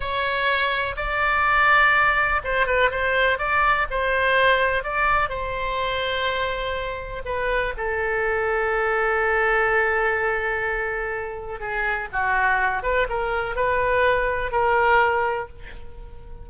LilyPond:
\new Staff \with { instrumentName = "oboe" } { \time 4/4 \tempo 4 = 124 cis''2 d''2~ | d''4 c''8 b'8 c''4 d''4 | c''2 d''4 c''4~ | c''2. b'4 |
a'1~ | a'1 | gis'4 fis'4. b'8 ais'4 | b'2 ais'2 | }